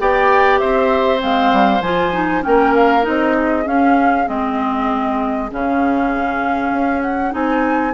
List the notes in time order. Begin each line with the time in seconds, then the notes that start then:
0.00 B3 G4 D5 G5
0.59 C4 C5 E5
1.19 G#3 C4 F5
1.53 G3
1.81 F3 F4 G#5
2.13 D#4
2.42 A#3 C#4 A#4 G5
2.76 F5
3.02 C4 D#4 D#5
3.37 G#4
3.66 C#4 F5
4.27 G#3 C4 D#5
5.52 C#3 C#4 F5
6.72 C#4
7.02 F#5
7.31 C4 D#4 G#5